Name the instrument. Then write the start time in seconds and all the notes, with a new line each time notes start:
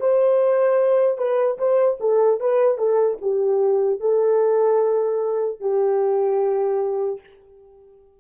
horn
0.00 C5
1.17 B4
1.58 C5
2.00 A4
2.40 B4
2.78 A4
3.21 G4
4.00 A4
5.60 G4